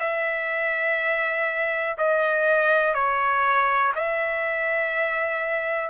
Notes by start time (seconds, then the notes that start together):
0.00 E5
1.98 D#5
2.95 C#5
3.96 E5